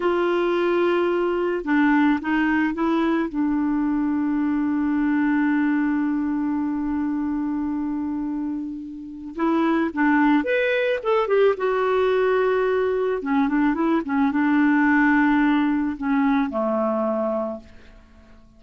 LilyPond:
\new Staff \with { instrumentName = "clarinet" } { \time 4/4 \tempo 4 = 109 f'2. d'4 | dis'4 e'4 d'2~ | d'1~ | d'1~ |
d'4 e'4 d'4 b'4 | a'8 g'8 fis'2. | cis'8 d'8 e'8 cis'8 d'2~ | d'4 cis'4 a2 | }